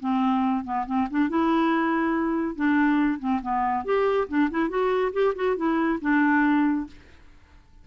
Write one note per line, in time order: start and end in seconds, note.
0.00 0.64 C4
0.64 0.86 B3
0.87 1.08 C4
1.11 1.29 D4
1.29 2.56 E4
2.56 3.19 D4
3.19 3.41 C4
3.42 3.85 B3
3.85 4.28 G4
4.28 4.50 D4
4.50 4.69 E4
4.69 5.12 F#4
5.13 5.34 G4
5.35 5.56 F#4
5.56 5.99 E4
6.01 6.87 D4